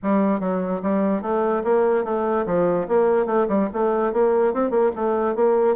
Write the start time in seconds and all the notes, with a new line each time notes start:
0.02 G3
0.40 F#3
0.82 G3
1.21 A3
1.64 A#3
2.04 A3
2.46 F3
2.88 A#3
3.26 A3
3.48 G3
3.73 A3
4.12 A#3
4.53 C4
4.70 A#3
4.95 A3
5.35 A#3